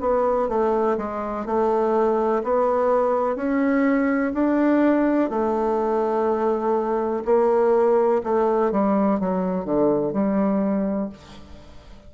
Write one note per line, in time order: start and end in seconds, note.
0.00 0.48 B3
0.48 0.97 A3
0.97 1.46 G#3
1.46 2.42 A3
2.43 3.36 B3
3.36 4.32 C#4
4.34 5.30 D4
5.30 7.23 A3
7.25 8.22 A#3
8.23 8.71 A3
8.71 9.19 G3
9.19 9.65 F#3
9.65 10.13 D3
10.13 11.09 G3